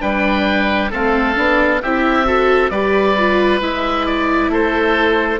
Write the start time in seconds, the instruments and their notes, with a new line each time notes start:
0.00 bassoon G3, viola D4, oboe B4 G5
0.90 bassoon A3, viola C4, oboe A4 F5
1.35 bassoon B3, viola D4
1.82 bassoon C4, viola E4, oboe G4 E5
2.25 viola F#4, oboe A4
2.70 bassoon G3, viola G4, oboe B4 D5
3.18 viola F4
3.61 bassoon G#3, viola E4, oboe E5
4.06 oboe D5
4.49 bassoon A3, oboe A4 C5